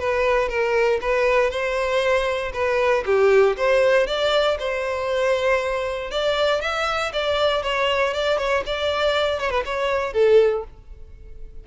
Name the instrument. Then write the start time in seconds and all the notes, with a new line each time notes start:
violin
0.00 B4
0.49 A#4
1.01 B4
1.51 C5
2.53 B4
3.06 G4
3.57 C5
4.07 D5
4.59 C5
6.11 D5
6.61 E5
7.13 D5
7.63 C#5
8.14 D5
8.38 C#5
8.66 D5
9.40 C#5
9.51 B4
9.66 C#5
10.13 A4